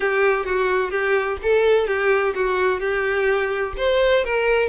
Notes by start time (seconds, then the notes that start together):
0.00 G4
0.45 F#4
0.90 G4
1.42 A4
1.87 G4
2.34 F#4
2.80 G4
3.77 C5
4.24 A#4